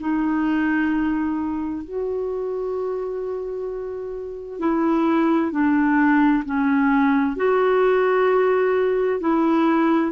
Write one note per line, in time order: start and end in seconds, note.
0.00 1.85 D#4
1.85 4.59 F#4
4.59 5.51 E4
5.51 6.44 D4
6.45 7.36 C#4
7.36 9.21 F#4
9.21 10.12 E4